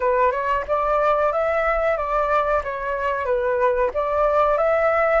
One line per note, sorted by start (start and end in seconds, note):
0.00 0.31 B4
0.31 0.64 C#5
0.67 1.32 D5
1.32 1.97 E5
1.97 2.62 D5
2.63 3.25 C#5
3.25 3.90 B4
3.94 4.57 D5
4.57 5.20 E5